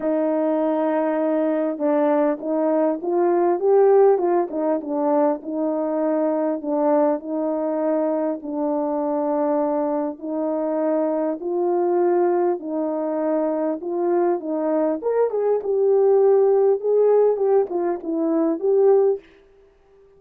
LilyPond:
\new Staff \with { instrumentName = "horn" } { \time 4/4 \tempo 4 = 100 dis'2. d'4 | dis'4 f'4 g'4 f'8 dis'8 | d'4 dis'2 d'4 | dis'2 d'2~ |
d'4 dis'2 f'4~ | f'4 dis'2 f'4 | dis'4 ais'8 gis'8 g'2 | gis'4 g'8 f'8 e'4 g'4 | }